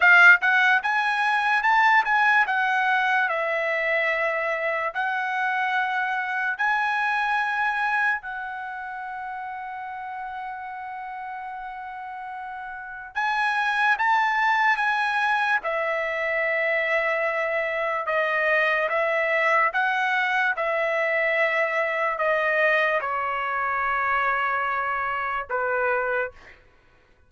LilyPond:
\new Staff \with { instrumentName = "trumpet" } { \time 4/4 \tempo 4 = 73 f''8 fis''8 gis''4 a''8 gis''8 fis''4 | e''2 fis''2 | gis''2 fis''2~ | fis''1 |
gis''4 a''4 gis''4 e''4~ | e''2 dis''4 e''4 | fis''4 e''2 dis''4 | cis''2. b'4 | }